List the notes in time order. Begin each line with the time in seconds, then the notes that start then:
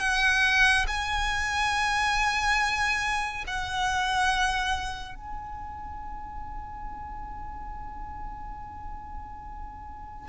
0.00 F#5
0.87 G#5
3.47 F#5
5.15 G#5